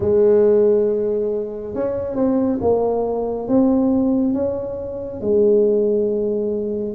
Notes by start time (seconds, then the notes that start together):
0.00 G#3
1.74 C#4
2.15 C4
2.61 A#3
3.47 C4
4.33 C#4
5.20 G#3